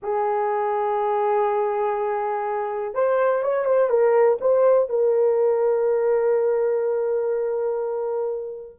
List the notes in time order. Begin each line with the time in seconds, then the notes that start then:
0.02 G#4
2.94 C5
3.42 C#5
3.65 C5
3.89 A#4
4.40 C5
4.89 A#4